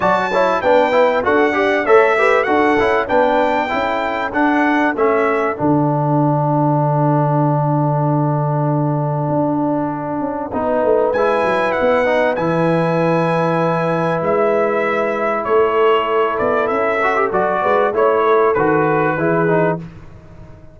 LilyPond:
<<
  \new Staff \with { instrumentName = "trumpet" } { \time 4/4 \tempo 4 = 97 a''4 g''4 fis''4 e''4 | fis''4 g''2 fis''4 | e''4 fis''2.~ | fis''1~ |
fis''2 gis''4 fis''4 | gis''2. e''4~ | e''4 cis''4. d''8 e''4 | d''4 cis''4 b'2 | }
  \new Staff \with { instrumentName = "horn" } { \time 4/4 d''8 cis''8 b'4 a'8 d''8 cis''8 b'8 | a'4 b'4 a'2~ | a'1~ | a'1~ |
a'4 b'2.~ | b'1~ | b'4 a'2.~ | a'8 b'8 cis''8 a'4. gis'4 | }
  \new Staff \with { instrumentName = "trombone" } { \time 4/4 fis'8 e'8 d'8 e'8 fis'8 g'8 a'8 g'8 | fis'8 e'8 d'4 e'4 d'4 | cis'4 d'2.~ | d'1~ |
d'4 dis'4 e'4. dis'8 | e'1~ | e'2.~ e'8 fis'16 g'16 | fis'4 e'4 fis'4 e'8 dis'8 | }
  \new Staff \with { instrumentName = "tuba" } { \time 4/4 fis4 b4 d'4 a4 | d'8 cis'8 b4 cis'4 d'4 | a4 d2.~ | d2. d'4~ |
d'8 cis'8 b8 a8 gis8 fis8 b4 | e2. gis4~ | gis4 a4. b8 cis'4 | fis8 gis8 a4 dis4 e4 | }
>>